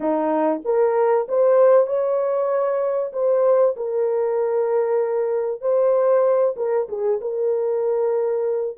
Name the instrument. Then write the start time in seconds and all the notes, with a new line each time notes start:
horn
0.00 D#4
0.64 A#4
1.28 C5
1.86 C#5
3.12 C5
3.76 A#4
5.61 C5
6.56 A#4
6.89 G#4
7.21 A#4